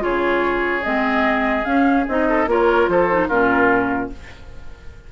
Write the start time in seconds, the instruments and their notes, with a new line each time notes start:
0.00 bassoon C#3, clarinet F4, oboe G#4, flute C#5
0.83 bassoon G#3, clarinet C4, flute D#5
1.64 bassoon C#4, clarinet C#4, flute F5
2.08 bassoon C4, clarinet D#4, flute D#5
2.29 oboe A4
2.47 bassoon A#3, clarinet F4, oboe A#4, flute C#5
2.88 bassoon F3, oboe A4, flute C5
3.10 clarinet D#4
3.28 bassoon A#2, clarinet C#4, oboe F4, flute A#4